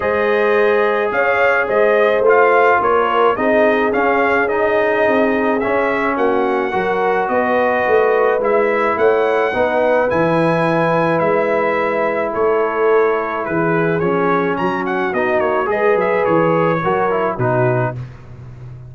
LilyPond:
<<
  \new Staff \with { instrumentName = "trumpet" } { \time 4/4 \tempo 4 = 107 dis''2 f''4 dis''4 | f''4 cis''4 dis''4 f''4 | dis''2 e''4 fis''4~ | fis''4 dis''2 e''4 |
fis''2 gis''2 | e''2 cis''2 | b'4 cis''4 ais''8 fis''8 dis''8 cis''8 | dis''8 e''8 cis''2 b'4 | }
  \new Staff \with { instrumentName = "horn" } { \time 4/4 c''2 cis''4 c''4~ | c''4 ais'4 gis'2~ | gis'2. fis'4 | ais'4 b'2. |
cis''4 b'2.~ | b'2 a'2 | gis'2 fis'2 | b'2 ais'4 fis'4 | }
  \new Staff \with { instrumentName = "trombone" } { \time 4/4 gis'1 | f'2 dis'4 cis'4 | dis'2 cis'2 | fis'2. e'4~ |
e'4 dis'4 e'2~ | e'1~ | e'4 cis'2 dis'4 | gis'2 fis'8 e'8 dis'4 | }
  \new Staff \with { instrumentName = "tuba" } { \time 4/4 gis2 cis'4 gis4 | a4 ais4 c'4 cis'4~ | cis'4 c'4 cis'4 ais4 | fis4 b4 a4 gis4 |
a4 b4 e2 | gis2 a2 | e4 f4 fis4 b8 ais8 | gis8 fis8 e4 fis4 b,4 | }
>>